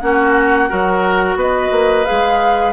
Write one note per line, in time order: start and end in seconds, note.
0.00 0.70 A#3
0.00 0.69 C#4
0.00 0.69 F#4
0.00 1.36 F#5
0.69 1.36 F#3
0.69 2.05 F#4
0.69 1.37 A#4
1.36 1.70 B3
1.36 2.73 B4
1.36 2.05 D#5
1.71 2.05 A#3
2.05 2.73 G#4
2.05 2.73 F5
2.11 2.73 G#3